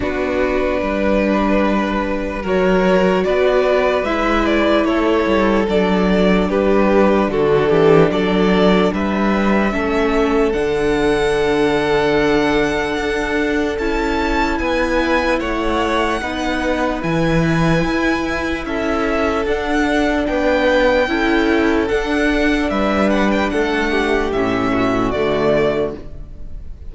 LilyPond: <<
  \new Staff \with { instrumentName = "violin" } { \time 4/4 \tempo 4 = 74 b'2. cis''4 | d''4 e''8 d''8 cis''4 d''4 | b'4 a'4 d''4 e''4~ | e''4 fis''2.~ |
fis''4 a''4 gis''4 fis''4~ | fis''4 gis''2 e''4 | fis''4 g''2 fis''4 | e''8 fis''16 g''16 fis''4 e''4 d''4 | }
  \new Staff \with { instrumentName = "violin" } { \time 4/4 fis'4 b'2 ais'4 | b'2 a'2 | g'4 fis'8 g'8 a'4 b'4 | a'1~ |
a'2 b'4 cis''4 | b'2. a'4~ | a'4 b'4 a'2 | b'4 a'8 g'4 fis'4. | }
  \new Staff \with { instrumentName = "viola" } { \time 4/4 d'2. fis'4~ | fis'4 e'2 d'4~ | d'1 | cis'4 d'2.~ |
d'4 e'2. | dis'4 e'2. | d'2 e'4 d'4~ | d'2 cis'4 a4 | }
  \new Staff \with { instrumentName = "cello" } { \time 4/4 b4 g2 fis4 | b4 gis4 a8 g8 fis4 | g4 d8 e8 fis4 g4 | a4 d2. |
d'4 cis'4 b4 a4 | b4 e4 e'4 cis'4 | d'4 b4 cis'4 d'4 | g4 a4 a,4 d4 | }
>>